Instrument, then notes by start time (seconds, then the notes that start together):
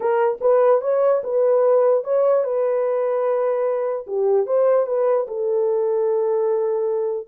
horn
0.00 A#4
0.41 B4
0.81 C#5
1.23 B4
2.04 C#5
2.43 B4
4.06 G4
4.46 C5
4.86 B4
5.27 A4